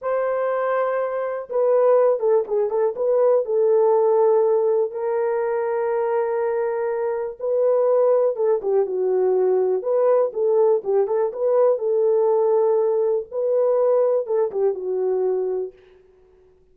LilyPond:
\new Staff \with { instrumentName = "horn" } { \time 4/4 \tempo 4 = 122 c''2. b'4~ | b'8 a'8 gis'8 a'8 b'4 a'4~ | a'2 ais'2~ | ais'2. b'4~ |
b'4 a'8 g'8 fis'2 | b'4 a'4 g'8 a'8 b'4 | a'2. b'4~ | b'4 a'8 g'8 fis'2 | }